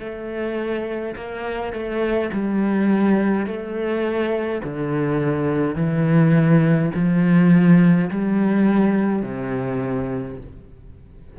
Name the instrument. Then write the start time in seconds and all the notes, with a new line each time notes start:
cello
0.00 A3
1.16 A#3
1.73 A3
2.33 G3
3.47 A3
4.64 D3
5.75 E3
6.95 F3
8.11 G3
9.23 C3